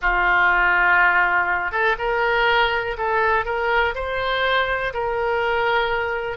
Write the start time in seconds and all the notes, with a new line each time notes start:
0.01 F4
1.71 A4
1.98 A#4
2.97 A4
3.45 A#4
3.94 C5
4.93 A#4